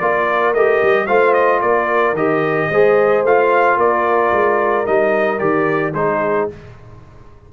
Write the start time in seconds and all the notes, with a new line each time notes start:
0.00 A#3 F4 A#4 D5
0.54 A3 G4 D#5
0.83 G3
1.07 A3 F4 C5 F5
1.34 D#5
1.62 A#3 A#4 D5
2.14 D#3 G4 D#5
2.71 G#3 G#4 C5
3.24 A3 F4 F5
3.77 A#3 A#4 D5
4.32 G#3
4.86 G3 D#4 D#5
5.39 D#3 G4 D5
5.94 G#3 D#4 G#4 C5